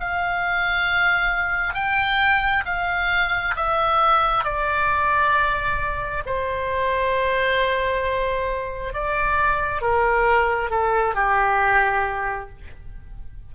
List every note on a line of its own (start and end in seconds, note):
0.00 1.75 F5
1.75 2.64 G5
2.66 3.55 F5
3.56 4.45 E5
4.45 6.24 D5
6.26 8.93 C5
8.93 9.81 D5
9.81 10.71 A#4
10.71 11.15 A4
11.15 12.49 G4